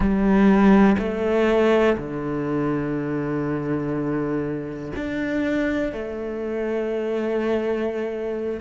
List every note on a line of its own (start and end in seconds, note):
0.00 0.96 G3
0.98 1.97 A3
1.97 4.92 D3
4.95 5.92 D4
5.92 8.60 A3